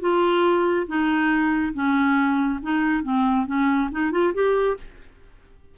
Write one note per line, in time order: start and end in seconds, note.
0.00 0.86 F4
0.87 1.73 D#4
1.73 2.60 C#4
2.62 3.03 D#4
3.03 3.46 C4
3.46 3.89 C#4
3.91 4.11 D#4
4.11 4.33 F4
4.34 4.77 G4